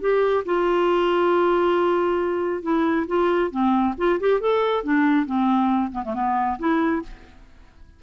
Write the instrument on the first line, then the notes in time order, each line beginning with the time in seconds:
clarinet
0.00 G4
0.45 F4
2.62 E4
3.07 F4
3.50 C4
3.97 F4
4.20 G4
4.40 A4
4.83 D4
5.26 C4
5.92 B3
6.04 A3
6.14 B3
6.58 E4